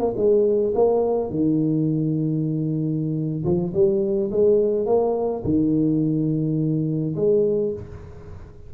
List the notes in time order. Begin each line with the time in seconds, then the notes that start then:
0.00 A#3
0.17 G#3
0.75 A#3
1.30 D#3
3.45 F3
3.74 G3
4.31 G#3
4.86 A#3
5.44 D#3
7.16 G#3